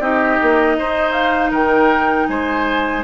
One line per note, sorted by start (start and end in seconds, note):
0.00 0.38 C4
0.00 3.04 D#4
0.00 0.77 G4
0.00 1.13 D#5
0.42 0.78 A#3
0.78 1.52 D#4
0.78 1.51 C5
1.13 1.51 F5
1.51 2.28 D#3
1.51 2.27 A#4
1.51 2.28 G5
2.28 3.04 G#3
2.28 3.04 C5
2.28 3.04 G#5